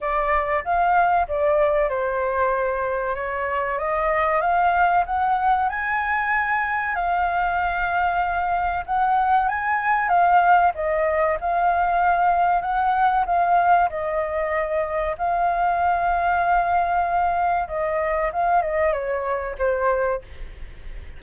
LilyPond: \new Staff \with { instrumentName = "flute" } { \time 4/4 \tempo 4 = 95 d''4 f''4 d''4 c''4~ | c''4 cis''4 dis''4 f''4 | fis''4 gis''2 f''4~ | f''2 fis''4 gis''4 |
f''4 dis''4 f''2 | fis''4 f''4 dis''2 | f''1 | dis''4 f''8 dis''8 cis''4 c''4 | }